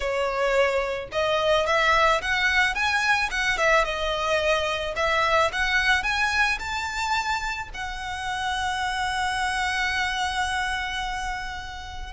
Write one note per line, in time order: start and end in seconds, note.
0.00 1.09 C#5
1.12 1.66 D#5
1.66 2.21 E5
2.21 2.74 F#5
2.74 3.29 G#5
3.30 3.57 F#5
3.57 3.84 E5
3.84 4.94 D#5
4.96 5.51 E5
5.52 6.03 F#5
6.03 6.58 G#5
6.59 7.69 A5
7.74 12.13 F#5